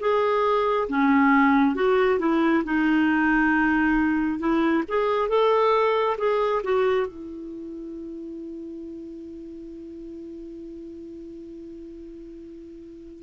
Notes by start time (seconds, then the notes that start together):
0.00 G#4
0.89 C#4
1.75 F#4
2.20 E4
2.65 D#4
4.40 E4
4.89 G#4
5.29 A4
6.18 G#4
6.64 F#4
7.07 E4